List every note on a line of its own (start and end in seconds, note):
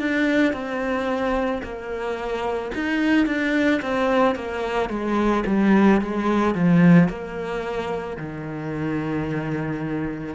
0.00 0.53 D4
0.53 1.62 C4
1.63 2.72 A#3
2.75 3.27 D#4
3.27 3.81 D4
3.82 4.36 C4
4.36 4.89 A#3
4.89 5.44 G#3
5.46 6.01 G3
6.01 6.55 G#3
6.55 7.09 F3
7.09 8.17 A#3
8.17 10.35 D#3